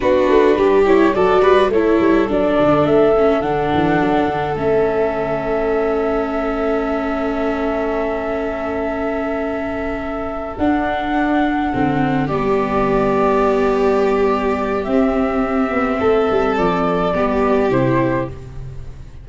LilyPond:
<<
  \new Staff \with { instrumentName = "flute" } { \time 4/4 \tempo 4 = 105 b'4. cis''8 d''4 cis''4 | d''4 e''4 fis''2 | e''1~ | e''1~ |
e''2~ e''8 fis''4.~ | fis''4. d''2~ d''8~ | d''2 e''2~ | e''4 d''2 c''4 | }
  \new Staff \with { instrumentName = "violin" } { \time 4/4 fis'4 g'4 a'8 b'8 a'4~ | a'1~ | a'1~ | a'1~ |
a'1~ | a'4. g'2~ g'8~ | g'1 | a'2 g'2 | }
  \new Staff \with { instrumentName = "viola" } { \time 4/4 d'4. e'8 fis'4 e'4 | d'4. cis'8 d'2 | cis'1~ | cis'1~ |
cis'2~ cis'8 d'4.~ | d'8 c'4 b2~ b8~ | b2 c'2~ | c'2 b4 e'4 | }
  \new Staff \with { instrumentName = "tuba" } { \time 4/4 b8 a8 g4 fis8 g8 a8 g8 | fis8 d8 a4 d8 e8 fis8 d8 | a1~ | a1~ |
a2~ a8 d'4.~ | d'8 d4 g2~ g8~ | g2 c'4. b8 | a8 g8 f4 g4 c4 | }
>>